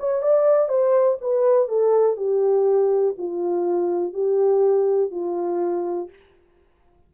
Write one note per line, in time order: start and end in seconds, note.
0.00 0.23 C#5
0.23 0.69 D5
0.69 1.18 C5
1.21 1.69 B4
1.69 2.17 A4
2.17 3.15 G4
3.18 4.14 F4
4.14 5.11 G4
5.11 6.10 F4